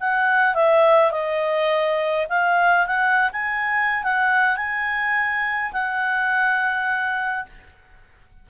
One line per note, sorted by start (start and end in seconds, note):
0.00 0.55 F#5
0.55 1.11 E5
1.11 2.27 D#5
2.29 2.86 F5
2.87 3.30 F#5
3.33 4.03 G#5
4.03 4.57 F#5
4.57 5.72 G#5
5.73 7.46 F#5